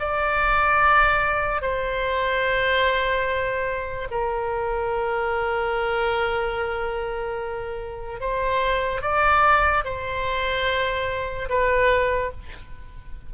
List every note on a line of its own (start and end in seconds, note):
0.00 1.62 D5
1.62 4.08 C5
4.11 8.20 A#4
8.20 9.02 C5
9.02 9.84 D5
9.85 11.49 C5
11.50 12.32 B4